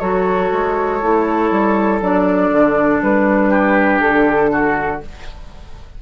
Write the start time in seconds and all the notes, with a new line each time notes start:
0.00 F#3 F#4 A4 C#5
0.52 G#3
1.02 A3 E4
1.51 G3
2.01 F#3 D4 D5
2.51 D3
3.02 G3 B4
3.50 G4
4.00 D3 A4
4.52 F#4